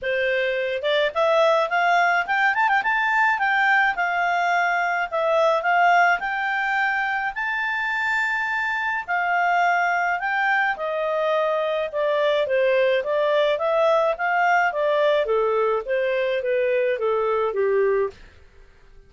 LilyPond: \new Staff \with { instrumentName = "clarinet" } { \time 4/4 \tempo 4 = 106 c''4. d''8 e''4 f''4 | g''8 a''16 g''16 a''4 g''4 f''4~ | f''4 e''4 f''4 g''4~ | g''4 a''2. |
f''2 g''4 dis''4~ | dis''4 d''4 c''4 d''4 | e''4 f''4 d''4 a'4 | c''4 b'4 a'4 g'4 | }